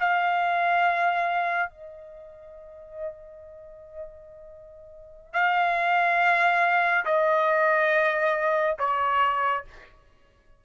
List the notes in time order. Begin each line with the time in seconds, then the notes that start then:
0.00 F5
1.70 D#5
5.33 F5
7.05 D#5
8.79 C#5